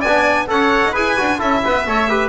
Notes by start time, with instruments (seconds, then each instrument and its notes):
0.00 double bass B3, trumpet D5, violin G#5
0.07 trombone D4
0.47 double bass C#4, trombone A4, trumpet C#5, violin F#5
0.85 double bass D#4
0.92 double bass E4, trombone G#4, trumpet B4, violin G#5
1.17 double bass D4, trombone F#4
1.38 double bass C#4, trombone E4, trumpet A4, violin E5
1.64 double bass B3, trumpet B4
1.86 double bass A3, trombone A4, trumpet C#5
2.09 trombone G4, trumpet B4